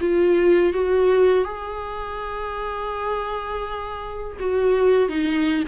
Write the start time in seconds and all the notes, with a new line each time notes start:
0.00 F4
0.73 F#4
1.44 G#4
4.39 F#4
5.09 D#4